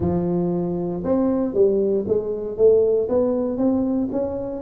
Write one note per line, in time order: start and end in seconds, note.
0.00 1.03 F3
1.03 1.54 C4
1.54 2.05 G3
2.07 2.57 G#3
2.57 3.08 A3
3.08 3.57 B3
3.57 4.08 C4
4.12 4.62 C#4